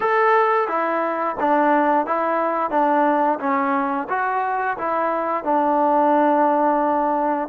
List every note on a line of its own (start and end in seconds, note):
0.00 0.68 A4
0.68 1.36 E4
1.40 2.06 D4
2.06 2.70 E4
2.70 3.38 D4
3.39 4.07 C#4
4.09 4.77 F#4
4.77 5.44 E4
5.44 7.48 D4